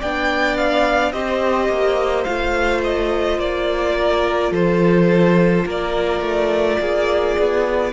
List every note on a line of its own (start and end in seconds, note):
0.00 1.13 B3
0.00 1.14 D4
0.00 1.13 D5
0.00 0.57 G5
0.57 1.12 F5
1.12 1.69 C4
1.12 2.26 G4
1.12 3.97 C5
1.12 2.24 D#5
1.69 2.26 A#3
2.24 3.39 A3
2.24 7.92 F4
2.24 2.81 F5
2.84 3.40 D#5
3.39 4.52 A#3
3.39 4.53 D5
3.97 4.51 A#4
4.51 5.65 F3
4.51 5.65 A4
4.51 5.68 C5
5.66 6.21 A#3
5.66 6.80 A#4
5.66 7.93 D5
6.21 6.77 A3
6.79 7.36 A#3
6.79 7.93 G#4
7.39 7.93 B3